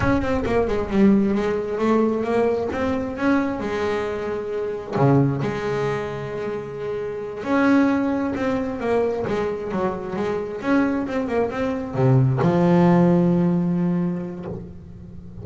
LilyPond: \new Staff \with { instrumentName = "double bass" } { \time 4/4 \tempo 4 = 133 cis'8 c'8 ais8 gis8 g4 gis4 | a4 ais4 c'4 cis'4 | gis2. cis4 | gis1~ |
gis8 cis'2 c'4 ais8~ | ais8 gis4 fis4 gis4 cis'8~ | cis'8 c'8 ais8 c'4 c4 f8~ | f1 | }